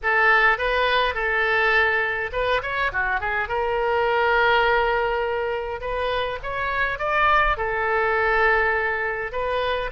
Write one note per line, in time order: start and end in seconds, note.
0.03 0.58 A4
0.58 1.14 B4
1.14 2.31 A4
2.32 2.61 B4
2.62 2.91 C#5
2.92 3.20 F#4
3.20 3.48 G#4
3.48 5.80 A#4
5.80 6.39 B4
6.42 6.98 C#5
6.98 7.57 D5
7.57 9.32 A4
9.32 9.90 B4